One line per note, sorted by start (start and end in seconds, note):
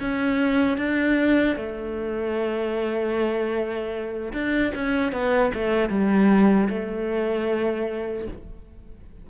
0.00 0.77 C#4
0.77 1.56 D4
1.56 4.32 A3
4.33 4.72 D4
4.74 5.12 C#4
5.12 5.51 B3
5.54 5.89 A3
5.89 6.68 G3
6.69 8.27 A3